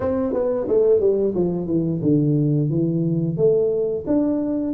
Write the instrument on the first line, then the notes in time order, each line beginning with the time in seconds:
tuba
0.00 C4
0.33 B3
0.68 A3
1.00 G3
1.35 F3
1.67 E3
2.02 D3
2.69 E3
3.36 A3
4.06 D4